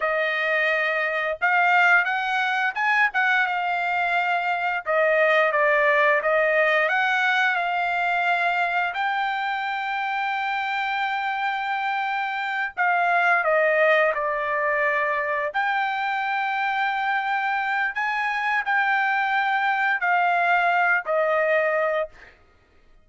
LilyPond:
\new Staff \with { instrumentName = "trumpet" } { \time 4/4 \tempo 4 = 87 dis''2 f''4 fis''4 | gis''8 fis''8 f''2 dis''4 | d''4 dis''4 fis''4 f''4~ | f''4 g''2.~ |
g''2~ g''8 f''4 dis''8~ | dis''8 d''2 g''4.~ | g''2 gis''4 g''4~ | g''4 f''4. dis''4. | }